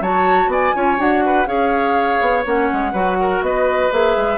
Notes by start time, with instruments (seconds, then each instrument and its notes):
0.00 bassoon F#3, clarinet F#4, oboe C#5, flute A5
0.47 bassoon B3, oboe D5, flute G#5
0.74 bassoon C#4, clarinet F4, oboe C#5
0.97 bassoon D4, clarinet F#4, flute F#5
1.25 oboe B4
1.46 bassoon C#4, clarinet G#4, oboe C#5, flute F5
2.21 bassoon B3
2.44 bassoon A#3, clarinet C#4, flute F#5
2.72 bassoon G#3
2.92 bassoon F#3, clarinet F#4, oboe B4
3.20 oboe A#4
3.41 bassoon B3, oboe B4, flute D#5
3.91 bassoon A#3, clarinet G#4, flute E5
4.16 bassoon G#3